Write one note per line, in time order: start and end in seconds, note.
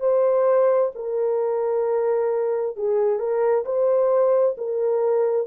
0.00 0.91 C5
0.95 2.76 A#4
2.76 3.19 G#4
3.19 3.64 A#4
3.65 4.56 C5
4.57 5.47 A#4